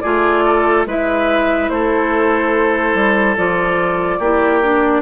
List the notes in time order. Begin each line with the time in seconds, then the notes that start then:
0.00 A3 F4 G#4 D5
0.45 A4
0.86 G#3 E4 B4 E5
1.69 A3 A4 C5
2.94 G3
3.37 F3 F4 D5
4.18 A#3 E4 G4
4.62 D4